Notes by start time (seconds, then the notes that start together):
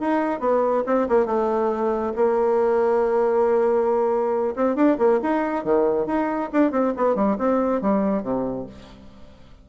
0.00 D#4
0.40 B3
0.86 C4
1.09 A#3
1.26 A3
2.16 A#3
4.56 C4
4.76 D4
4.98 A#3
5.23 D#4
5.64 D#3
6.07 D#4
6.53 D4
6.72 C4
6.97 B3
7.16 G3
7.39 C4
7.82 G3
8.23 C3